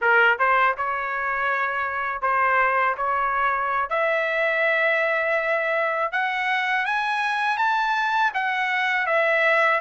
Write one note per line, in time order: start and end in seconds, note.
0.01 0.38 A#4
0.39 0.76 C5
0.77 2.21 C#5
2.21 2.95 C5
2.97 3.89 C#5
3.89 6.11 E5
6.12 6.85 F#5
6.85 7.57 G#5
7.57 8.31 A5
8.34 9.06 F#5
9.06 9.80 E5